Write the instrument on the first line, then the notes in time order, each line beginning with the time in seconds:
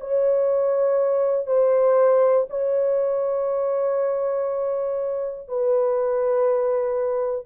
horn
0.00 C#5
1.47 C5
2.50 C#5
5.49 B4